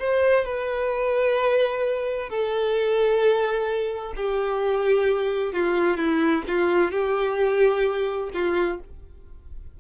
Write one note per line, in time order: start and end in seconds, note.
0.00 0.46 C5
0.46 2.30 B4
2.30 4.15 A4
4.17 5.53 G4
5.53 5.98 F4
5.98 6.44 E4
6.48 6.92 F4
6.92 8.30 G4
8.34 8.80 F4